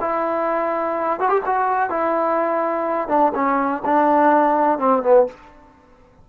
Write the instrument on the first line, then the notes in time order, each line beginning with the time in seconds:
trombone
0.00 E4
1.20 F#4
1.29 G4
1.45 F#4
1.89 E4
3.08 D4
3.34 C#4
3.85 D4
4.78 C4
5.02 B3